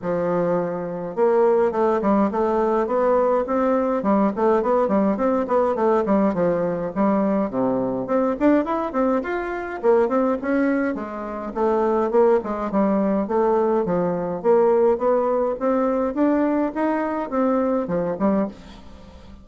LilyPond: \new Staff \with { instrumentName = "bassoon" } { \time 4/4 \tempo 4 = 104 f2 ais4 a8 g8 | a4 b4 c'4 g8 a8 | b8 g8 c'8 b8 a8 g8 f4 | g4 c4 c'8 d'8 e'8 c'8 |
f'4 ais8 c'8 cis'4 gis4 | a4 ais8 gis8 g4 a4 | f4 ais4 b4 c'4 | d'4 dis'4 c'4 f8 g8 | }